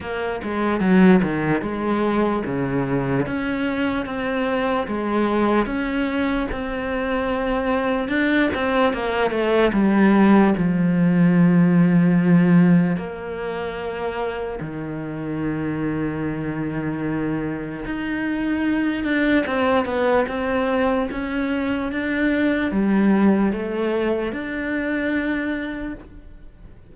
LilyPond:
\new Staff \with { instrumentName = "cello" } { \time 4/4 \tempo 4 = 74 ais8 gis8 fis8 dis8 gis4 cis4 | cis'4 c'4 gis4 cis'4 | c'2 d'8 c'8 ais8 a8 | g4 f2. |
ais2 dis2~ | dis2 dis'4. d'8 | c'8 b8 c'4 cis'4 d'4 | g4 a4 d'2 | }